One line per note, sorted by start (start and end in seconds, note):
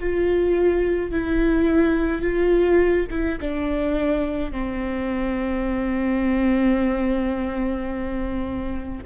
0.00 1.12 F4
1.12 2.22 E4
2.22 3.07 F4
3.11 3.39 E4
3.41 4.52 D4
4.52 9.05 C4